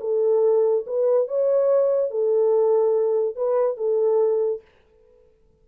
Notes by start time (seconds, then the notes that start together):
0.00 A4
0.86 B4
1.27 C#5
2.10 A4
3.36 B4
3.77 A4